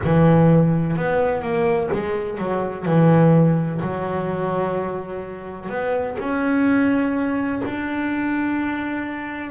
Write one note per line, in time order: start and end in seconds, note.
0.03 0.96 E3
0.96 1.42 B3
1.42 1.89 A#3
1.92 2.38 G#3
2.38 2.85 F#3
2.85 3.81 E3
3.81 5.69 F#3
5.69 6.16 B3
6.19 7.61 C#4
7.65 9.51 D4